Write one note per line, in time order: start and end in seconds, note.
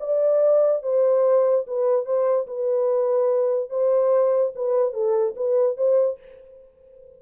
0.00 0.83 D5
0.83 1.65 C5
1.67 2.05 B4
2.05 2.47 C5
2.47 3.70 B4
3.70 4.53 C5
4.55 4.93 B4
4.93 5.35 A4
5.36 5.77 B4
5.77 6.18 C5